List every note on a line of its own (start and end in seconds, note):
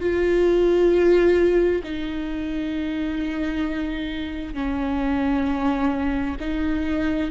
0.00 1.82 F4
1.83 4.54 D#4
4.54 6.36 C#4
6.40 7.31 D#4